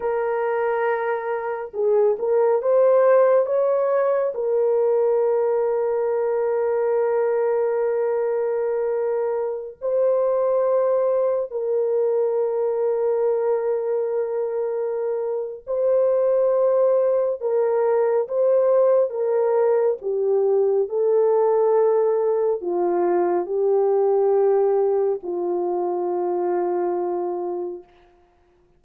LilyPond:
\new Staff \with { instrumentName = "horn" } { \time 4/4 \tempo 4 = 69 ais'2 gis'8 ais'8 c''4 | cis''4 ais'2.~ | ais'2.~ ais'16 c''8.~ | c''4~ c''16 ais'2~ ais'8.~ |
ais'2 c''2 | ais'4 c''4 ais'4 g'4 | a'2 f'4 g'4~ | g'4 f'2. | }